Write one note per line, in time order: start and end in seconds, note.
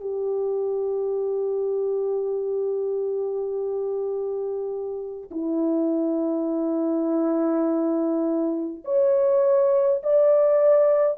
0.00 5.29 G4
5.30 8.83 E4
8.84 10.02 C#5
10.03 11.18 D5